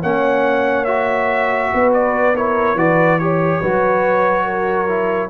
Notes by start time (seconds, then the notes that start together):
0.00 A#3 C#4 C#5 F#5
0.84 F#4 E5
1.74 B3 B4
1.93 D5
2.36 E4 A#4 C#5
2.74 E3 F#4 B4 D5
3.18 G4 C#5
3.61 F#3 F#4 B4
4.44 A#4
4.88 E4